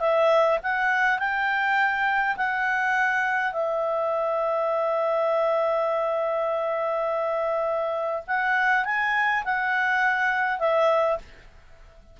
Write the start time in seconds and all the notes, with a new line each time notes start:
0.00 E5
0.63 F#5
1.19 G5
2.37 F#5
3.53 E5
8.28 F#5
8.85 G#5
9.45 F#5
10.60 E5